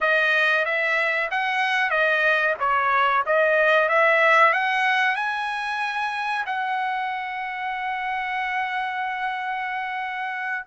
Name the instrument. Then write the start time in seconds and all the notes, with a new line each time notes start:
trumpet
0.00 D#5
0.65 E5
1.30 F#5
1.90 D#5
2.59 C#5
3.26 D#5
3.89 E5
4.53 F#5
5.15 G#5
6.45 F#5